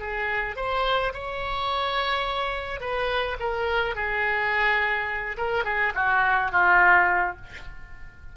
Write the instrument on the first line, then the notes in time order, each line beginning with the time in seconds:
oboe
0.00 G#4
0.56 C5
1.14 C#5
2.80 B4
3.40 A#4
3.95 G#4
5.37 A#4
5.64 G#4
5.95 F#4
6.52 F4